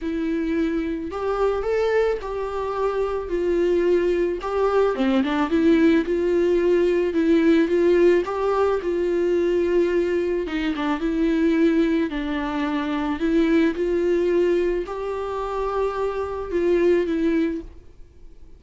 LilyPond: \new Staff \with { instrumentName = "viola" } { \time 4/4 \tempo 4 = 109 e'2 g'4 a'4 | g'2 f'2 | g'4 c'8 d'8 e'4 f'4~ | f'4 e'4 f'4 g'4 |
f'2. dis'8 d'8 | e'2 d'2 | e'4 f'2 g'4~ | g'2 f'4 e'4 | }